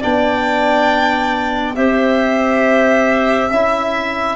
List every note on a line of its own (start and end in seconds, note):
0.00 1.77 B3
0.00 1.76 D4
0.00 1.74 D5
0.00 1.75 G5
1.75 3.51 C4
1.75 3.50 G4
1.75 3.50 C5
1.75 4.36 E5
3.50 4.36 C#4
3.50 4.36 E4
3.50 4.36 E5